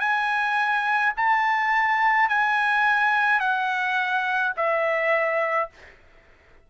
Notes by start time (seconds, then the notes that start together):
0.00 G#5
1.17 A5
2.29 G#5
3.40 F#5
4.56 E5